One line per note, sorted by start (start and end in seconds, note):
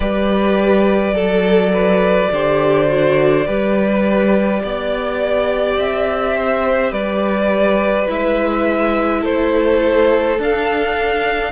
0.00 1.12 G3
0.00 1.14 G4
0.00 1.14 B4
0.00 5.75 D5
1.12 2.27 F#3
1.12 1.72 A4
1.12 2.30 A4
1.73 2.30 B4
2.31 3.47 D3
2.31 2.87 G4
2.31 3.46 C5
2.87 3.45 F#4
3.45 4.63 G3
3.45 8.07 G4
3.45 4.62 B4
4.63 5.77 B3
4.63 6.36 D5
5.77 6.92 C4
5.77 6.92 E5
6.37 6.92 C5
6.92 8.07 G3
6.92 9.20 B4
6.92 8.07 D5
8.07 9.24 G#3
8.07 10.37 E4
8.07 9.24 E5
9.20 10.38 A3
9.20 11.51 A4
9.20 10.40 C5
10.38 11.52 D4
10.38 11.52 F5